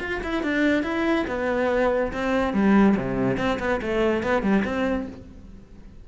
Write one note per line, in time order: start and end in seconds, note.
0.00 0.21 F4
0.24 0.43 E4
0.43 0.83 D4
0.83 1.26 E4
1.28 2.12 B3
2.13 2.54 C4
2.54 2.96 G3
2.97 3.38 C3
3.38 3.59 C4
3.60 3.81 B3
3.82 4.23 A3
4.23 4.43 B3
4.43 4.64 G3
4.65 5.07 C4